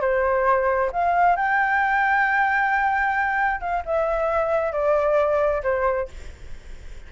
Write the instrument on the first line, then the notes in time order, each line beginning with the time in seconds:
flute
0.00 C5
0.92 F5
1.36 G5
3.60 F5
3.85 E5
4.72 D5
5.63 C5